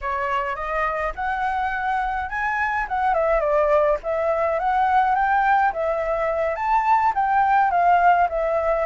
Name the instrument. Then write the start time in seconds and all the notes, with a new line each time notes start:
flute
0.01 C#5
0.55 D#5
1.15 F#5
2.29 G#5
2.88 F#5
3.14 E5
3.40 D5
4.03 E5
4.59 F#5
5.15 G5
5.72 E5
6.55 A5
7.15 G5
7.70 F5
8.29 E5